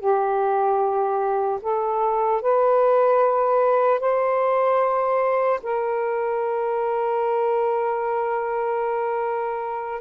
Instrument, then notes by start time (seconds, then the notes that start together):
saxophone
0.00 G4
1.62 A4
2.42 B4
4.00 C5
5.63 A#4